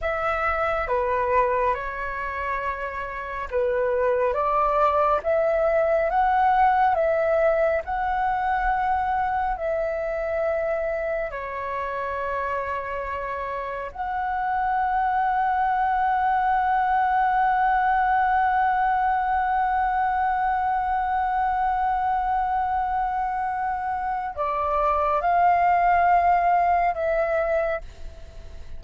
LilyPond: \new Staff \with { instrumentName = "flute" } { \time 4/4 \tempo 4 = 69 e''4 b'4 cis''2 | b'4 d''4 e''4 fis''4 | e''4 fis''2 e''4~ | e''4 cis''2. |
fis''1~ | fis''1~ | fis''1 | d''4 f''2 e''4 | }